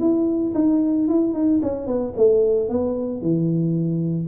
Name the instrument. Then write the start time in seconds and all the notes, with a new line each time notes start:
tuba
0.00 E4
0.54 D#4
1.08 E4
1.33 D#4
1.62 C#4
1.87 B3
2.17 A3
2.69 B3
3.22 E3